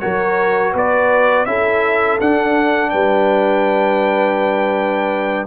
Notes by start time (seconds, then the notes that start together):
0.00 F#3 F#4 A#4 C#5
0.72 B3 B4 D5
1.45 C#4 E4 A4 E5
2.20 D4 F#5
2.90 G3 B4 G5